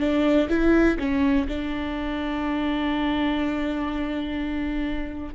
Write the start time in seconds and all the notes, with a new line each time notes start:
0.00 D4
0.50 E4
0.99 C#4
1.49 D4